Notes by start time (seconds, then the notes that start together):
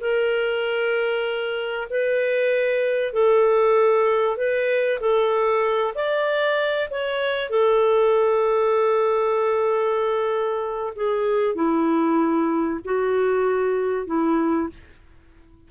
0.00 A#4
1.89 B4
3.12 A4
4.36 B4
5.00 A4
5.94 D5
6.90 C#5
7.49 A4
10.95 G#4
11.55 E4
12.84 F#4
14.06 E4